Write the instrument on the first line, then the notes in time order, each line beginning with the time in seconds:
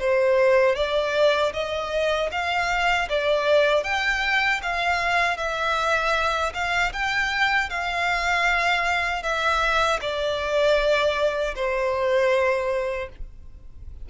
violin
0.00 C5
0.76 D5
1.53 D#5
2.32 F5
3.10 D5
3.84 G5
4.63 F5
5.38 E5
6.55 F5
6.93 G5
7.70 F5
9.23 E5
10.01 D5
11.56 C5